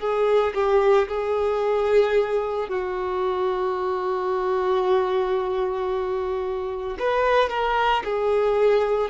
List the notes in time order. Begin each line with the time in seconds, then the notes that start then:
0.00 G#4
0.54 G4
1.08 G#4
2.69 F#4
6.99 B4
7.50 A#4
8.04 G#4